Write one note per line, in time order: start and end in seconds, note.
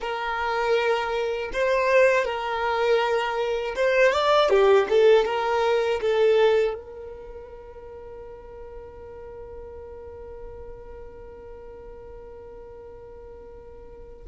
0.00 1.50 A#4
1.53 2.25 C5
2.25 3.75 A#4
3.75 4.12 C5
4.12 4.50 D5
4.50 4.87 G4
4.89 5.25 A4
5.25 6.00 A#4
6.01 6.74 A4
6.74 14.24 A#4